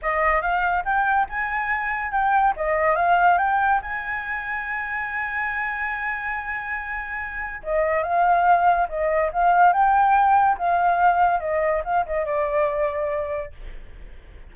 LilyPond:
\new Staff \with { instrumentName = "flute" } { \time 4/4 \tempo 4 = 142 dis''4 f''4 g''4 gis''4~ | gis''4 g''4 dis''4 f''4 | g''4 gis''2.~ | gis''1~ |
gis''2 dis''4 f''4~ | f''4 dis''4 f''4 g''4~ | g''4 f''2 dis''4 | f''8 dis''8 d''2. | }